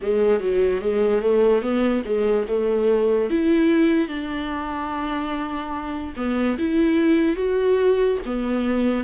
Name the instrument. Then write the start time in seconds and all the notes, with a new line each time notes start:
viola
0.01 G#3
0.40 F#3
0.81 G#3
1.21 A3
1.61 B3
2.05 G#3
2.48 A3
3.30 E4
4.08 D4
6.16 B3
6.58 E4
7.36 F#4
8.25 B3